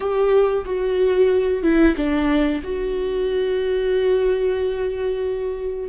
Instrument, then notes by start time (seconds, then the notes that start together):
viola
0.00 G4
0.65 F#4
1.62 E4
1.96 D4
2.63 F#4